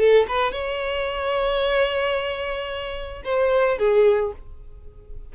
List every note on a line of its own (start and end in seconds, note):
0.00 0.27 A4
0.29 0.53 B4
0.53 3.23 C#5
3.25 3.79 C5
3.79 4.33 G#4